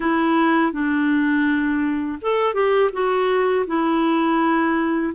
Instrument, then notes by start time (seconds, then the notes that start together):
clarinet
0.00 E4
0.72 D4
2.21 A4
2.53 G4
2.92 F#4
3.67 E4